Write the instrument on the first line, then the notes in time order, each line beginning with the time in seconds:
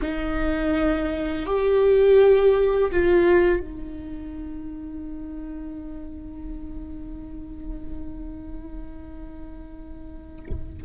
viola
0.01 D#4
1.46 G4
2.91 F4
3.59 D#4